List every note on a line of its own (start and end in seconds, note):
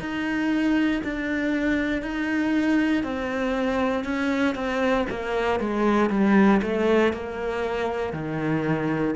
0.00 1.02 D#4
1.04 2.02 D4
2.02 3.04 D#4
3.04 4.04 C4
4.04 4.55 C#4
4.55 5.06 C4
5.10 5.60 A#3
5.60 6.10 G#3
6.10 6.61 G3
6.63 7.13 A3
7.13 8.14 A#3
8.14 9.15 D#3